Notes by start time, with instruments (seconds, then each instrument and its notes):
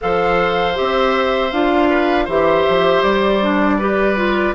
0.01 bassoon F3, clarinet A4, oboe C5, flute F5
0.75 bassoon C4, clarinet G4, flute E5
1.52 bassoon D4, clarinet F4, flute F5
1.89 oboe B4
2.24 bassoon E3, clarinet G4, oboe C5, flute E5
2.69 bassoon F3
3.02 bassoon G3, flute D5
3.42 clarinet D4
3.78 clarinet G4, oboe B4
4.16 clarinet F4